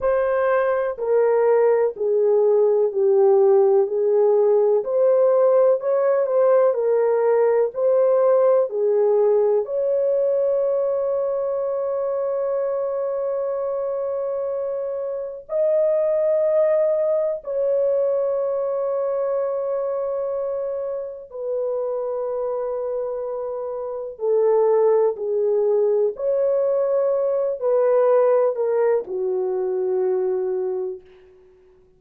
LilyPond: \new Staff \with { instrumentName = "horn" } { \time 4/4 \tempo 4 = 62 c''4 ais'4 gis'4 g'4 | gis'4 c''4 cis''8 c''8 ais'4 | c''4 gis'4 cis''2~ | cis''1 |
dis''2 cis''2~ | cis''2 b'2~ | b'4 a'4 gis'4 cis''4~ | cis''8 b'4 ais'8 fis'2 | }